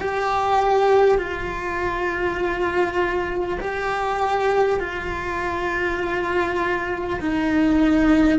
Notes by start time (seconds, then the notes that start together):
0.00 G4
1.18 F4
3.61 G4
4.79 F4
7.20 D#4